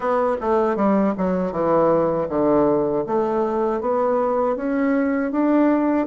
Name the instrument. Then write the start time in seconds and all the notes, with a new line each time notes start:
bassoon
0.00 B3
0.40 A3
0.76 G3
1.17 F#3
1.52 E3
2.29 D3
3.06 A3
3.80 B3
4.56 C#4
5.31 D4